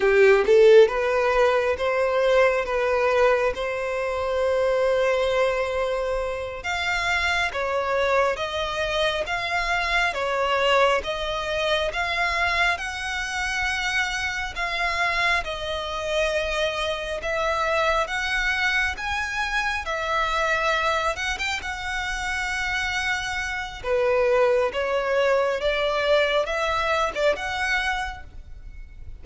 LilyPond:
\new Staff \with { instrumentName = "violin" } { \time 4/4 \tempo 4 = 68 g'8 a'8 b'4 c''4 b'4 | c''2.~ c''8 f''8~ | f''8 cis''4 dis''4 f''4 cis''8~ | cis''8 dis''4 f''4 fis''4.~ |
fis''8 f''4 dis''2 e''8~ | e''8 fis''4 gis''4 e''4. | fis''16 g''16 fis''2~ fis''8 b'4 | cis''4 d''4 e''8. d''16 fis''4 | }